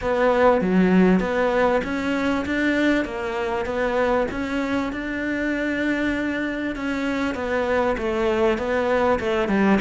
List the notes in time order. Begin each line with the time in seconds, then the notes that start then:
0.01 B3
0.61 F#3
1.20 B3
1.84 C#4
2.45 D4
3.04 A#3
3.65 B3
4.31 C#4
4.92 D4
6.75 C#4
7.35 B3
7.97 A3
8.57 B3
9.19 A3
9.48 G3